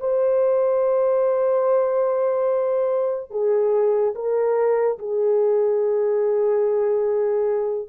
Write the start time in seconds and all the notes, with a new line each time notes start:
0.00 C5
3.31 G#4
4.15 A#4
4.99 G#4